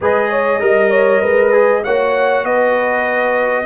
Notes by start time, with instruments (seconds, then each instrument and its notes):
0.01 tuba G#3, trombone G#4, horn B4, trumpet D#5
0.29 horn C#5
0.60 tuba G3, trombone A#4, horn D#5
0.90 horn C#5
1.21 tuba G#3, horn B4
1.52 trombone G#4
1.83 tuba A#3, trombone F#4, horn C#5, trumpet F#5
2.44 tuba B3, horn B4, trumpet D#5